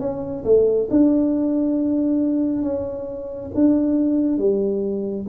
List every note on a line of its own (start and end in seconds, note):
0.00 0.44 C#4
0.45 0.89 A3
0.91 2.63 D4
2.63 3.51 C#4
3.55 4.38 D4
4.38 5.27 G3